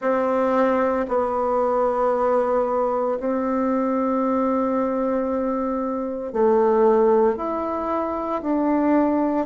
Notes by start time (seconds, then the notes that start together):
0.00 C4
1.08 B3
3.19 C4
6.33 A3
7.36 E4
8.42 D4